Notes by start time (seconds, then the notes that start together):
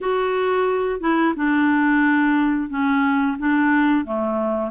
0.00 F#4
1.00 E4
1.36 D4
2.69 C#4
3.38 D4
4.04 A3